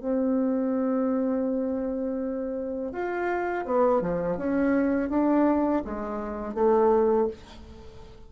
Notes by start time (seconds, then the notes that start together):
0.00 C4
2.93 F4
3.66 B3
4.02 F3
4.38 C#4
5.10 D4
5.85 G#3
6.55 A3